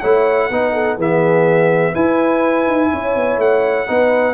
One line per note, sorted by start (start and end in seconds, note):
0.00 0.50 A3
0.00 0.51 E4
0.00 0.48 C#5
0.00 0.97 F#5
0.50 0.97 B3
0.50 0.99 D#4
0.50 0.73 B4
0.73 0.97 A4
0.97 1.94 E3
0.97 1.94 B3
0.97 1.93 G#4
0.97 1.95 E5
1.93 3.87 E4
1.93 2.67 E4
1.93 2.90 B4
1.93 3.40 G#5
2.67 2.92 D#4
2.92 3.16 C#4
2.92 3.88 C#5
3.16 3.38 B3
3.38 3.86 A3
3.38 4.34 F#5
3.87 4.34 B3
3.87 4.34 D#4
3.87 4.34 B4